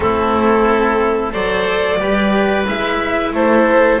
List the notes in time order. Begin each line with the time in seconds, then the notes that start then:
0.00 A3 C4 E4 A4
1.31 F#3 A4 C5 D5
1.98 G3 G4 B4
2.66 G#3 E4 E5
3.31 A3 A4 C5